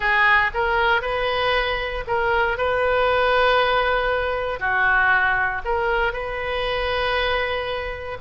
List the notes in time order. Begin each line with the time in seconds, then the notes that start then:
0.00 G#4
0.54 A#4
1.01 B4
2.07 A#4
2.57 B4
4.59 F#4
5.64 A#4
6.12 B4